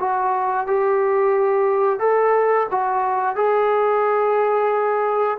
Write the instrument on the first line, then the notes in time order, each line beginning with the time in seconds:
trombone
0.00 F#4
0.67 G4
1.99 A4
2.71 F#4
3.36 G#4